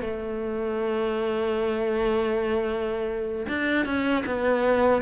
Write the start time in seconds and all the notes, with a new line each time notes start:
0.00 A3
3.48 D4
3.85 C#4
4.25 B3